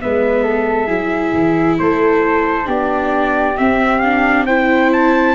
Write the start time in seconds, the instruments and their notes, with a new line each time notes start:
0.00 tuba G#3, viola B3, flute B4, trumpet E5
0.43 flute A4
0.87 tuba F#3, viola E4, flute G#4
1.33 tuba E3
1.79 tuba A3, flute A4, trumpet C5
2.65 tuba B3, viola D4, flute G4, trumpet D5
3.57 viola C4, tuba C4, trumpet E5
3.99 viola D4, trumpet F5
4.46 viola E4, flute C5, trumpet G5
4.93 trumpet A5